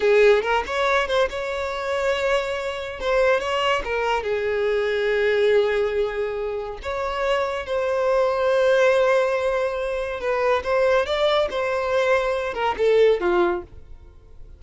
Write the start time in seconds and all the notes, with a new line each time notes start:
0.00 G#4
0.42 A#4
0.66 C#5
1.07 C5
1.29 C#5
2.99 C5
3.39 C#5
3.84 A#4
4.23 G#4
6.82 C#5
7.66 C5
10.20 B4
10.63 C5
11.05 D5
11.50 C5
12.54 A#4
12.77 A4
13.20 F4